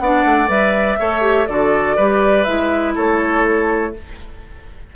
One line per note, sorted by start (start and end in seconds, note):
0.00 0.25 B3
0.00 0.48 D4
0.00 1.00 D5
0.00 0.49 F#5
0.25 0.49 A3
0.48 0.98 G3
0.48 0.98 B4
0.48 1.48 E5
1.00 1.49 A3
1.00 1.22 A4
1.00 1.49 C#5
1.22 1.46 G4
1.48 1.98 D3
1.48 1.98 F#4
1.48 1.97 A4
1.48 2.44 D5
1.97 2.47 G3
1.97 2.46 G4
1.97 2.95 B4
2.44 2.97 G#3
2.44 3.94 E4
2.44 2.94 E5
2.96 3.95 A3
2.96 3.94 A4
2.96 3.96 C#5